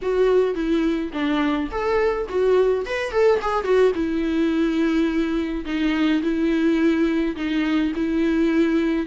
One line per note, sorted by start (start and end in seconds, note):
0.02 0.54 F#4
0.54 1.11 E4
1.12 1.69 D4
1.71 2.27 A4
2.28 2.85 F#4
2.85 3.11 B4
3.11 3.39 A4
3.41 3.64 G#4
3.64 3.92 F#4
3.94 5.64 E4
5.65 6.22 D#4
6.22 7.35 E4
7.36 7.92 D#4
7.95 9.06 E4